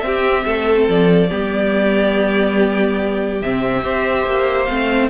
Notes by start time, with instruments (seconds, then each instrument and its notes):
0.00 viola C4, cello C4, violin G4 E5
0.46 cello A3, violin A4
0.89 cello F3, violin D5
1.30 cello G3, viola B3, violin G4
3.42 cello C3, viola C4, violin E5
3.84 cello C4, viola G4, violin C5
4.26 cello A#3
4.65 cello A3, viola C4, violin F5